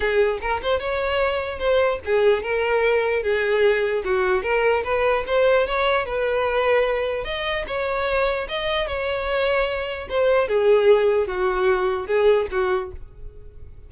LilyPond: \new Staff \with { instrumentName = "violin" } { \time 4/4 \tempo 4 = 149 gis'4 ais'8 c''8 cis''2 | c''4 gis'4 ais'2 | gis'2 fis'4 ais'4 | b'4 c''4 cis''4 b'4~ |
b'2 dis''4 cis''4~ | cis''4 dis''4 cis''2~ | cis''4 c''4 gis'2 | fis'2 gis'4 fis'4 | }